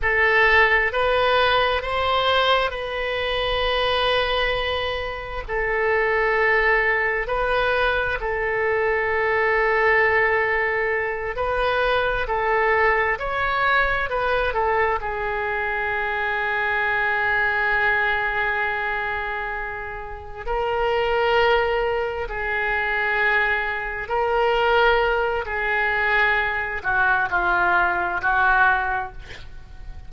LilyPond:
\new Staff \with { instrumentName = "oboe" } { \time 4/4 \tempo 4 = 66 a'4 b'4 c''4 b'4~ | b'2 a'2 | b'4 a'2.~ | a'8 b'4 a'4 cis''4 b'8 |
a'8 gis'2.~ gis'8~ | gis'2~ gis'8 ais'4.~ | ais'8 gis'2 ais'4. | gis'4. fis'8 f'4 fis'4 | }